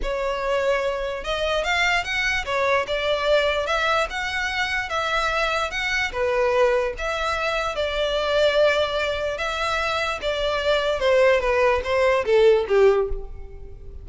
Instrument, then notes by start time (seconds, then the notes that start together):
violin
0.02 C#5
1.24 D#5
1.64 F5
2.04 F#5
2.45 C#5
2.87 D5
3.66 E5
4.10 F#5
4.89 E5
5.71 F#5
6.12 B4
6.98 E5
7.75 D5
9.37 E5
10.21 D5
10.99 C5
11.40 B4
11.84 C5
12.25 A4
12.68 G4